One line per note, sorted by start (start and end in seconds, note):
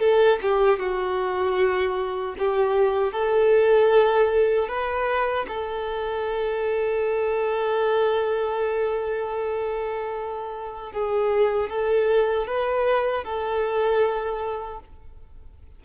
0.00 0.39 A4
0.43 0.80 G4
0.80 2.36 F#4
2.39 3.13 G4
3.13 4.69 A4
4.69 5.47 B4
5.49 10.93 A4
10.93 11.70 G#4
11.70 12.47 A4
12.47 13.24 B4
13.24 14.80 A4